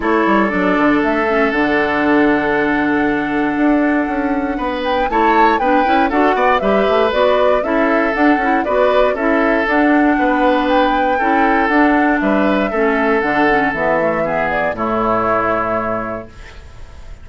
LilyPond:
<<
  \new Staff \with { instrumentName = "flute" } { \time 4/4 \tempo 4 = 118 cis''4 d''4 e''4 fis''4~ | fis''1~ | fis''4. g''8 a''4 g''4 | fis''4 e''4 d''4 e''4 |
fis''4 d''4 e''4 fis''4~ | fis''4 g''2 fis''4 | e''2 fis''4 e''4~ | e''8 d''8 cis''2. | }
  \new Staff \with { instrumentName = "oboe" } { \time 4/4 a'1~ | a'1~ | a'4 b'4 cis''4 b'4 | a'8 d''8 b'2 a'4~ |
a'4 b'4 a'2 | b'2 a'2 | b'4 a'2. | gis'4 e'2. | }
  \new Staff \with { instrumentName = "clarinet" } { \time 4/4 e'4 d'4. cis'8 d'4~ | d'1~ | d'2 e'4 d'8 e'8 | fis'4 g'4 fis'4 e'4 |
d'8 e'8 fis'4 e'4 d'4~ | d'2 e'4 d'4~ | d'4 cis'4 d'8 cis'8 b8 a8 | b4 a2. | }
  \new Staff \with { instrumentName = "bassoon" } { \time 4/4 a8 g8 fis8 d8 a4 d4~ | d2. d'4 | cis'4 b4 a4 b8 cis'8 | d'8 b8 g8 a8 b4 cis'4 |
d'8 cis'8 b4 cis'4 d'4 | b2 cis'4 d'4 | g4 a4 d4 e4~ | e4 a,2. | }
>>